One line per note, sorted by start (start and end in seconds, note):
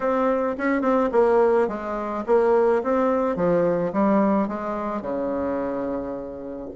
0.00 0.56 C4
0.57 0.81 C#4
0.81 1.09 C4
1.12 1.68 A#3
1.68 2.24 G#3
2.26 2.82 A#3
2.83 3.35 C4
3.35 3.92 F3
3.93 4.48 G3
4.48 5.01 G#3
5.01 6.69 C#3